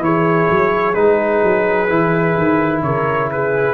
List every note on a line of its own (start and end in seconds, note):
0.00 0.47 E3
0.00 0.94 E4
0.00 2.85 G#4
0.00 0.94 C#5
0.50 0.96 F#3
0.94 1.43 G#3
0.94 1.88 D#4
0.94 2.82 B4
1.44 1.90 F#3
1.89 2.37 E3
1.89 3.74 E4
2.37 2.82 D#3
2.82 3.74 C#3
2.82 3.32 A#4
2.82 3.30 C#5
3.31 3.74 G#4
3.31 3.74 B4